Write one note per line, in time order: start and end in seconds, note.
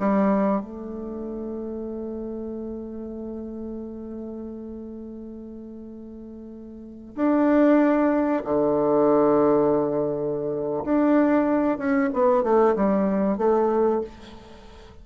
0.00 0.61 G3
0.61 7.15 A3
7.16 8.43 D4
8.45 10.84 D3
10.85 11.78 D4
11.78 12.10 C#4
12.13 12.44 B3
12.44 12.75 A3
12.75 13.38 G3
13.38 14.02 A3